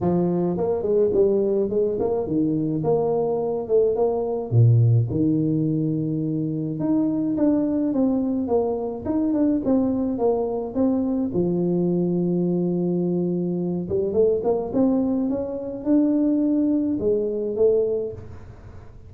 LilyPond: \new Staff \with { instrumentName = "tuba" } { \time 4/4 \tempo 4 = 106 f4 ais8 gis8 g4 gis8 ais8 | dis4 ais4. a8 ais4 | ais,4 dis2. | dis'4 d'4 c'4 ais4 |
dis'8 d'8 c'4 ais4 c'4 | f1~ | f8 g8 a8 ais8 c'4 cis'4 | d'2 gis4 a4 | }